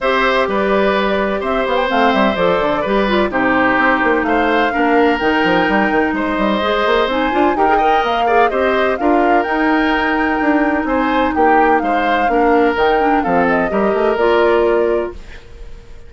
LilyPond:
<<
  \new Staff \with { instrumentName = "flute" } { \time 4/4 \tempo 4 = 127 e''4 d''2 e''8 f''16 g''16 | f''8 e''8 d''2 c''4~ | c''4 f''2 g''4~ | g''4 dis''2 gis''4 |
g''4 f''4 dis''4 f''4 | g''2. gis''4 | g''4 f''2 g''4 | f''8 dis''4. d''2 | }
  \new Staff \with { instrumentName = "oboe" } { \time 4/4 c''4 b'2 c''4~ | c''2 b'4 g'4~ | g'4 c''4 ais'2~ | ais'4 c''2. |
ais'8 dis''4 d''8 c''4 ais'4~ | ais'2. c''4 | g'4 c''4 ais'2 | a'4 ais'2. | }
  \new Staff \with { instrumentName = "clarinet" } { \time 4/4 g'1 | c'4 a'4 g'8 f'8 dis'4~ | dis'2 d'4 dis'4~ | dis'2 gis'4 dis'8 f'8 |
g'16 gis'16 ais'4 gis'8 g'4 f'4 | dis'1~ | dis'2 d'4 dis'8 d'8 | c'4 g'4 f'2 | }
  \new Staff \with { instrumentName = "bassoon" } { \time 4/4 c'4 g2 c'8 b8 | a8 g8 f8 d8 g4 c4 | c'8 ais8 a4 ais4 dis8 f8 | g8 dis8 gis8 g8 gis8 ais8 c'8 d'8 |
dis'4 ais4 c'4 d'4 | dis'2 d'4 c'4 | ais4 gis4 ais4 dis4 | f4 g8 a8 ais2 | }
>>